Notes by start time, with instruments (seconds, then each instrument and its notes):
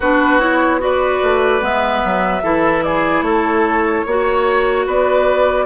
0.00 bassoon B3, clarinet D4, oboe F#4, flute B4
0.39 clarinet E4, flute C#5
0.80 clarinet F#4, oboe B4, flute D5
1.22 bassoon A3
1.60 bassoon G#3, clarinet B3, flute E5
2.04 bassoon F#3
2.42 bassoon E3, clarinet E4, oboe A4
2.83 oboe G#4, flute D5
3.21 bassoon A3, oboe A4, flute C#5
4.06 bassoon A#3, clarinet F#4, oboe C#5
4.86 bassoon B3, oboe B4, flute D5